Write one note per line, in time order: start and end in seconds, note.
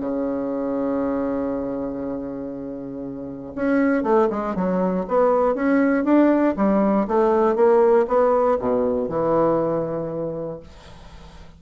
0.00 3.53 C#3
3.55 4.03 C#4
4.03 4.28 A3
4.30 4.55 G#3
4.55 5.05 F#3
5.08 5.55 B3
5.55 6.04 C#4
6.04 6.55 D4
6.56 7.07 G3
7.07 7.56 A3
7.56 8.06 A#3
8.08 8.58 B3
8.59 9.08 B2
9.08 10.60 E3